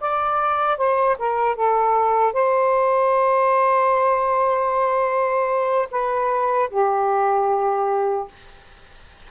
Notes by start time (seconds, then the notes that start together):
0.00 D5
0.77 C5
1.18 A#4
1.56 A4
2.33 C5
5.91 B4
6.70 G4